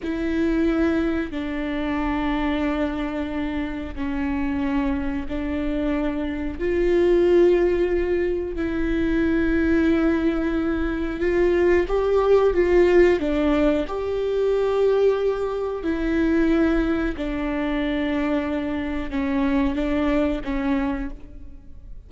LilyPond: \new Staff \with { instrumentName = "viola" } { \time 4/4 \tempo 4 = 91 e'2 d'2~ | d'2 cis'2 | d'2 f'2~ | f'4 e'2.~ |
e'4 f'4 g'4 f'4 | d'4 g'2. | e'2 d'2~ | d'4 cis'4 d'4 cis'4 | }